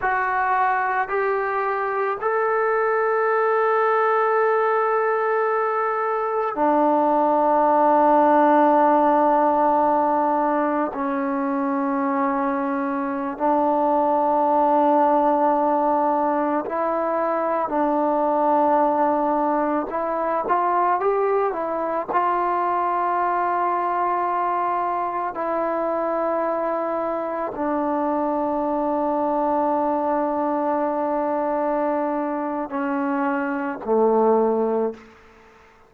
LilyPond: \new Staff \with { instrumentName = "trombone" } { \time 4/4 \tempo 4 = 55 fis'4 g'4 a'2~ | a'2 d'2~ | d'2 cis'2~ | cis'16 d'2. e'8.~ |
e'16 d'2 e'8 f'8 g'8 e'16~ | e'16 f'2. e'8.~ | e'4~ e'16 d'2~ d'8.~ | d'2 cis'4 a4 | }